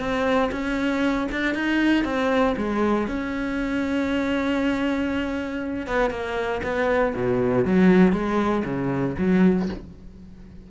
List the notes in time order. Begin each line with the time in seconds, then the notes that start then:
0.00 C4
0.52 C#4
1.32 D4
1.55 D#4
2.05 C4
2.57 G#3
3.08 C#4
5.87 B3
6.11 A#3
6.64 B3
7.16 B2
7.66 F#3
8.13 G#3
8.65 C#3
9.18 F#3